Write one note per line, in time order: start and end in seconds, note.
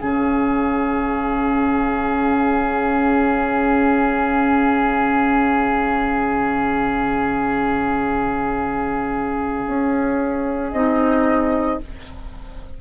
0.00 9.65 C#3
0.00 10.71 C#4
0.00 11.79 G#4
0.00 10.71 F5
9.67 10.73 C#4
10.71 11.80 C4
10.71 11.81 D#4
10.71 11.79 D#5